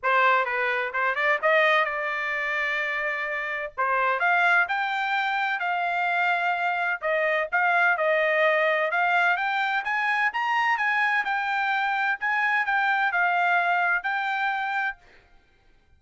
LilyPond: \new Staff \with { instrumentName = "trumpet" } { \time 4/4 \tempo 4 = 128 c''4 b'4 c''8 d''8 dis''4 | d''1 | c''4 f''4 g''2 | f''2. dis''4 |
f''4 dis''2 f''4 | g''4 gis''4 ais''4 gis''4 | g''2 gis''4 g''4 | f''2 g''2 | }